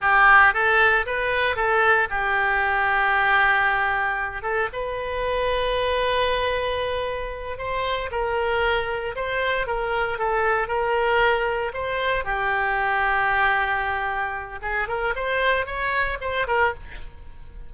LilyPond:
\new Staff \with { instrumentName = "oboe" } { \time 4/4 \tempo 4 = 115 g'4 a'4 b'4 a'4 | g'1~ | g'8 a'8 b'2.~ | b'2~ b'8 c''4 ais'8~ |
ais'4. c''4 ais'4 a'8~ | a'8 ais'2 c''4 g'8~ | g'1 | gis'8 ais'8 c''4 cis''4 c''8 ais'8 | }